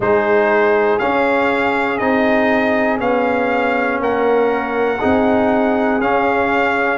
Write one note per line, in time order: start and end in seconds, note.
0.00 0.98 G#3
0.00 1.00 D#4
0.00 4.01 G#4
0.00 0.98 C5
0.98 2.00 C#4
0.98 1.98 F5
1.98 3.00 C4
1.98 2.98 D#4
1.98 2.98 D#5
2.98 4.00 B3
2.98 4.98 C#4
2.98 4.00 F5
4.00 5.00 A#3
4.00 4.99 A#4
4.00 6.01 F#5
4.99 6.00 C4
4.99 6.00 D#4
4.99 6.98 G#4
6.00 6.98 C#4
6.00 6.98 F5